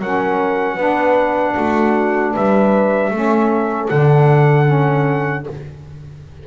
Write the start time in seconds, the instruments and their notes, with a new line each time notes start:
0.00 double bass F#3, saxophone C#4, horn A#4, trumpet F#5
0.76 double bass B3, saxophone D4, horn B4
1.57 double bass A3, horn F#4
2.34 double bass G3, horn B4, trumpet E5
3.11 double bass A3, saxophone C#4, horn A4
3.89 double bass D3, saxophone D4, trumpet F#5
4.66 saxophone C#4